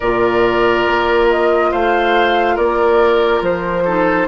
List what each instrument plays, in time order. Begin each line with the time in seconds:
0.00 bassoon A#2, clarinet F4, oboe A#4, flute D5
0.86 bassoon A#3
1.30 flute D#5
1.71 bassoon A3, oboe C5, flute F5
2.55 bassoon A#3, oboe A#4, flute D5
3.41 bassoon F3, flute C5
3.84 clarinet D#4, oboe A4